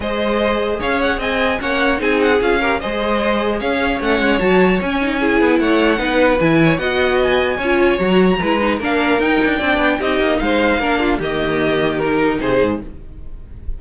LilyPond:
<<
  \new Staff \with { instrumentName = "violin" } { \time 4/4 \tempo 4 = 150 dis''2 f''8 fis''8 gis''4 | fis''4 gis''8 fis''8 f''4 dis''4~ | dis''4 f''4 fis''4 a''4 | gis''2 fis''2 |
gis''4 fis''4 gis''2 | ais''2 f''4 g''4~ | g''4 dis''4 f''2 | dis''2 ais'4 c''4 | }
  \new Staff \with { instrumentName = "violin" } { \time 4/4 c''2 cis''4 dis''4 | cis''4 gis'4. ais'8 c''4~ | c''4 cis''2.~ | cis''4 gis'4 cis''4 b'4~ |
b'8 cis''8 dis''2 cis''4~ | cis''4 b'4 ais'2 | d''4 g'4 c''4 ais'8 f'8 | g'2. gis'4 | }
  \new Staff \with { instrumentName = "viola" } { \time 4/4 gis'1 | cis'4 dis'4 f'8 g'8 gis'4~ | gis'2 cis'4 fis'4 | cis'8 dis'8 e'2 dis'4 |
e'4 fis'2 f'4 | fis'4 e'8 dis'8 d'4 dis'4 | d'4 dis'2 d'4 | ais2 dis'2 | }
  \new Staff \with { instrumentName = "cello" } { \time 4/4 gis2 cis'4 c'4 | ais4 c'4 cis'4 gis4~ | gis4 cis'4 a8 gis8 fis4 | cis'4. b8 a4 b4 |
e4 b2 cis'4 | fis4 gis4 ais4 dis'8 d'8 | c'8 b8 c'8 ais8 gis4 ais4 | dis2. c8 gis,8 | }
>>